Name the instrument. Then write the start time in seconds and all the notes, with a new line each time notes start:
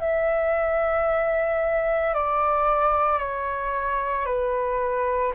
flute
0.00 E5
2.14 D5
3.19 C#5
4.26 B4